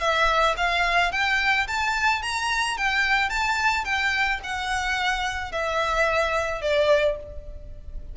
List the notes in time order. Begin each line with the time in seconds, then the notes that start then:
0.00 E5
0.57 F5
1.12 G5
1.68 A5
2.22 A#5
2.77 G5
3.29 A5
3.85 G5
4.43 F#5
5.52 E5
6.62 D5